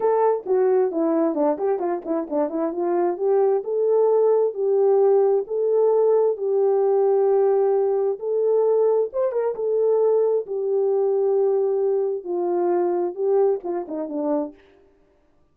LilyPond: \new Staff \with { instrumentName = "horn" } { \time 4/4 \tempo 4 = 132 a'4 fis'4 e'4 d'8 g'8 | f'8 e'8 d'8 e'8 f'4 g'4 | a'2 g'2 | a'2 g'2~ |
g'2 a'2 | c''8 ais'8 a'2 g'4~ | g'2. f'4~ | f'4 g'4 f'8 dis'8 d'4 | }